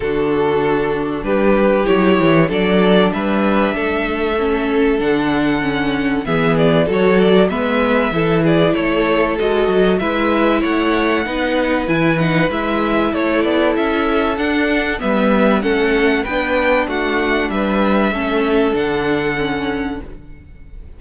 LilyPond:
<<
  \new Staff \with { instrumentName = "violin" } { \time 4/4 \tempo 4 = 96 a'2 b'4 cis''4 | d''4 e''2. | fis''2 e''8 d''8 cis''8 d''8 | e''4. d''8 cis''4 dis''4 |
e''4 fis''2 gis''8 fis''8 | e''4 cis''8 d''8 e''4 fis''4 | e''4 fis''4 g''4 fis''4 | e''2 fis''2 | }
  \new Staff \with { instrumentName = "violin" } { \time 4/4 fis'2 g'2 | a'4 b'4 a'2~ | a'2 gis'4 a'4 | b'4 a'8 gis'8 a'2 |
b'4 cis''4 b'2~ | b'4 a'2. | b'4 a'4 b'4 fis'4 | b'4 a'2. | }
  \new Staff \with { instrumentName = "viola" } { \time 4/4 d'2. e'4 | d'2. cis'4 | d'4 cis'4 b4 fis'4 | b4 e'2 fis'4 |
e'2 dis'4 e'8 dis'8 | e'2. d'4 | b4 cis'4 d'2~ | d'4 cis'4 d'4 cis'4 | }
  \new Staff \with { instrumentName = "cello" } { \time 4/4 d2 g4 fis8 e8 | fis4 g4 a2 | d2 e4 fis4 | gis4 e4 a4 gis8 fis8 |
gis4 a4 b4 e4 | gis4 a8 b8 cis'4 d'4 | g4 a4 b4 a4 | g4 a4 d2 | }
>>